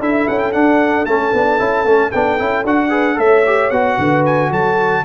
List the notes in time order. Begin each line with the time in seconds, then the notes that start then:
0.00 D4 E4 A4 E5
0.28 C#4 F#5
0.38 G5
0.52 D4 F#5
1.05 A3 C#4 A5
1.33 B3 D4
1.59 C#4 E4
1.85 A3 C#4
2.11 B3 D4 G5
2.38 C#4 E4
2.64 D4 F#4 F#5
2.90 G#4 B4
3.15 A3 A4 C#5 E5
3.46 G4
3.70 B3 F#4 F#5
3.98 D3 B4
4.25 G#5
4.50 F#3 A4 A5